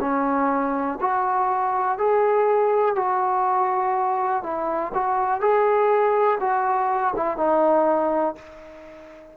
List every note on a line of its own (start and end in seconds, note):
0.00 0.98 C#4
1.00 1.98 F#4
1.98 2.95 G#4
2.95 4.43 F#4
4.43 4.92 E4
4.94 5.40 F#4
5.40 6.38 G#4
6.40 7.14 F#4
7.16 7.37 E4
7.37 8.35 D#4